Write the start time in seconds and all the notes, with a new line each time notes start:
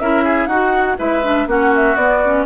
0.00 C#4 E4 A#4 E5
0.24 G#4
0.47 D#4 F#4 F#5
0.98 G#3 E4 B4 E5
1.23 D4
1.47 A#3 C#4 F#4 F#5
1.76 E5
1.96 B3 D5
2.25 C#4